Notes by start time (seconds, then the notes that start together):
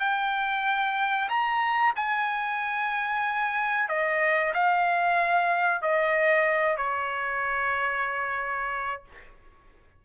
0.00 G5
1.29 A#5
1.96 G#5
3.89 D#5
4.54 F5
5.82 D#5
6.77 C#5